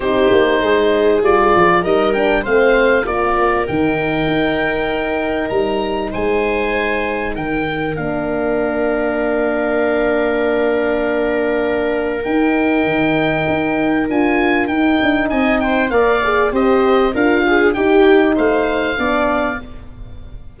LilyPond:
<<
  \new Staff \with { instrumentName = "oboe" } { \time 4/4 \tempo 4 = 98 c''2 d''4 dis''8 g''8 | f''4 d''4 g''2~ | g''4 ais''4 gis''2 | g''4 f''2.~ |
f''1 | g''2. gis''4 | g''4 gis''8 g''8 f''4 dis''4 | f''4 g''4 f''2 | }
  \new Staff \with { instrumentName = "viola" } { \time 4/4 g'4 gis'2 ais'4 | c''4 ais'2.~ | ais'2 c''2 | ais'1~ |
ais'1~ | ais'1~ | ais'4 dis''8 c''8 d''4 c''4 | ais'8 gis'8 g'4 c''4 d''4 | }
  \new Staff \with { instrumentName = "horn" } { \time 4/4 dis'2 f'4 dis'8 d'8 | c'4 f'4 dis'2~ | dis'1~ | dis'4 d'2.~ |
d'1 | dis'2. f'4 | dis'2 ais'8 gis'8 g'4 | f'4 dis'2 d'4 | }
  \new Staff \with { instrumentName = "tuba" } { \time 4/4 c'8 ais8 gis4 g8 f8 g4 | a4 ais4 dis4 dis'4~ | dis'4 g4 gis2 | dis4 ais2.~ |
ais1 | dis'4 dis4 dis'4 d'4 | dis'8 d'8 c'4 ais4 c'4 | d'4 dis'4 a4 b4 | }
>>